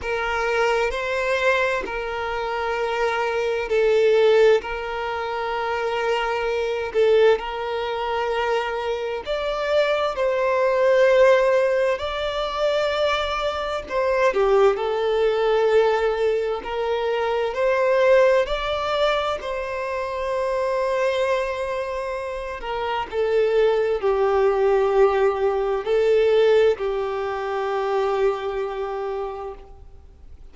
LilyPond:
\new Staff \with { instrumentName = "violin" } { \time 4/4 \tempo 4 = 65 ais'4 c''4 ais'2 | a'4 ais'2~ ais'8 a'8 | ais'2 d''4 c''4~ | c''4 d''2 c''8 g'8 |
a'2 ais'4 c''4 | d''4 c''2.~ | c''8 ais'8 a'4 g'2 | a'4 g'2. | }